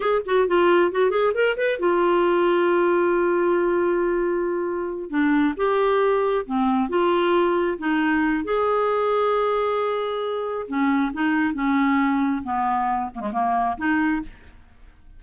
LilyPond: \new Staff \with { instrumentName = "clarinet" } { \time 4/4 \tempo 4 = 135 gis'8 fis'8 f'4 fis'8 gis'8 ais'8 b'8 | f'1~ | f'2.~ f'8 d'8~ | d'8 g'2 c'4 f'8~ |
f'4. dis'4. gis'4~ | gis'1 | cis'4 dis'4 cis'2 | b4. ais16 gis16 ais4 dis'4 | }